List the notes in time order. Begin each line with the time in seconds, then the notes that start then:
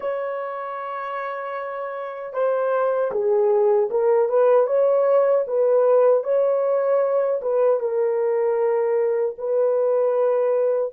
0.00 C#5
2.33 C5
3.11 G#4
3.90 A#4
4.29 B4
4.66 C#5
5.47 B4
6.23 C#5
7.41 B4
7.80 A#4
9.38 B4